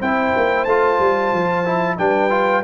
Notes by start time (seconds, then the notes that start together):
0.00 C4 E4 C5 G5
0.37 A#3
0.65 A3 F4 A5
1.00 G3
1.33 F3
1.66 E4
1.98 G3 D4 B4 G5
2.30 F4